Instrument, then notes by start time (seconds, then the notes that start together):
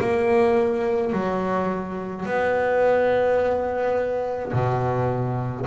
double bass
0.00 A#3
1.12 F#3
2.25 B3
4.52 B2